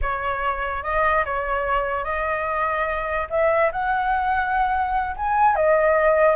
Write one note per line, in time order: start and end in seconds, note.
0.01 0.83 C#5
0.83 1.24 D#5
1.25 2.04 C#5
2.04 3.27 D#5
3.30 3.71 E5
3.72 5.15 F#5
5.16 5.55 G#5
5.55 6.35 D#5